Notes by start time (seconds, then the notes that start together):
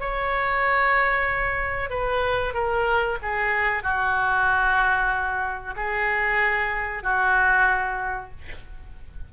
0.00 C#5
1.90 B4
2.54 A#4
3.23 G#4
3.83 F#4
5.76 G#4
7.03 F#4